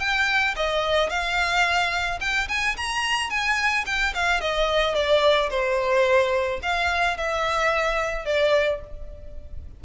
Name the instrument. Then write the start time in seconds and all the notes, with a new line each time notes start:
violin
0.00 G5
0.56 D#5
1.10 F5
2.21 G5
2.49 G#5
2.77 A#5
3.30 G#5
3.86 G5
4.15 F5
4.41 D#5
4.95 D5
5.50 C5
6.63 F5
7.18 E5
8.26 D5